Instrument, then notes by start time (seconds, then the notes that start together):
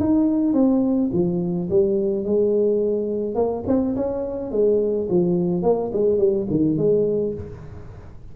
tuba
0.00 D#4
0.54 C4
1.13 F3
1.70 G3
2.25 G#3
3.35 A#3
3.67 C4
3.96 C#4
4.51 G#3
5.09 F3
5.63 A#3
5.93 G#3
6.18 G3
6.50 D#3
6.77 G#3